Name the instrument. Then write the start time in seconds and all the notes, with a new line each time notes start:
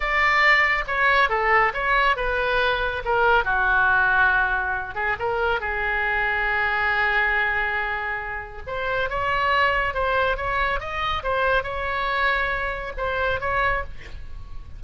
oboe
0.00 D5
0.87 C#5
1.29 A4
1.73 C#5
2.16 B4
3.04 A#4
3.44 F#4
4.94 G#4
5.19 A#4
5.60 G#4
8.66 C5
9.09 C#5
9.94 C5
10.36 C#5
10.79 D#5
11.23 C5
11.63 C#5
12.97 C5
13.40 C#5